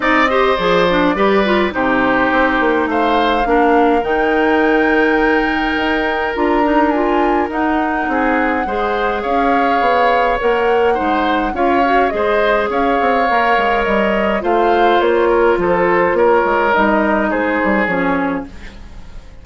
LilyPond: <<
  \new Staff \with { instrumentName = "flute" } { \time 4/4 \tempo 4 = 104 dis''4 d''2 c''4~ | c''4 f''2 g''4~ | g''2. ais''4 | gis''4 fis''2. |
f''2 fis''2 | f''4 dis''4 f''2 | dis''4 f''4 cis''4 c''4 | cis''4 dis''4 c''4 cis''4 | }
  \new Staff \with { instrumentName = "oboe" } { \time 4/4 d''8 c''4. b'4 g'4~ | g'4 c''4 ais'2~ | ais'1~ | ais'2 gis'4 c''4 |
cis''2. c''4 | cis''4 c''4 cis''2~ | cis''4 c''4. ais'8 a'4 | ais'2 gis'2 | }
  \new Staff \with { instrumentName = "clarinet" } { \time 4/4 dis'8 g'8 gis'8 d'8 g'8 f'8 dis'4~ | dis'2 d'4 dis'4~ | dis'2. f'8 dis'8 | f'4 dis'2 gis'4~ |
gis'2 ais'4 dis'4 | f'8 fis'8 gis'2 ais'4~ | ais'4 f'2.~ | f'4 dis'2 cis'4 | }
  \new Staff \with { instrumentName = "bassoon" } { \time 4/4 c'4 f4 g4 c4 | c'8 ais8 a4 ais4 dis4~ | dis2 dis'4 d'4~ | d'4 dis'4 c'4 gis4 |
cis'4 b4 ais4 gis4 | cis'4 gis4 cis'8 c'8 ais8 gis8 | g4 a4 ais4 f4 | ais8 gis8 g4 gis8 g8 f4 | }
>>